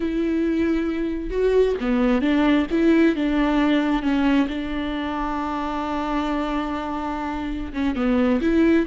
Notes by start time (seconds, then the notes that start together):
0.00 E4
1.30 F#4
1.80 B3
2.21 D4
2.70 E4
3.15 D4
4.02 C#4
4.48 D4
7.73 C#4
7.95 B3
8.41 E4